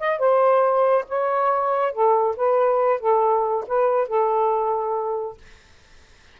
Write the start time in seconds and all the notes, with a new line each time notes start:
0.00 D#5
0.19 C5
1.09 C#5
1.93 A4
2.37 B4
3.00 A4
3.67 B4
4.08 A4